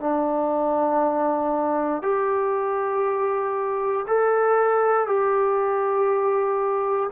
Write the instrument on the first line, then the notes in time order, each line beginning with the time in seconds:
trombone
0.00 D4
2.02 G4
4.07 A4
5.07 G4